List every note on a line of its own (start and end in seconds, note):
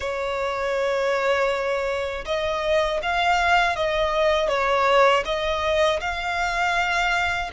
0.00 2.24 C#5
2.25 3.00 D#5
3.02 3.76 F5
3.76 4.48 D#5
4.48 5.23 C#5
5.25 6.00 D#5
6.00 7.50 F5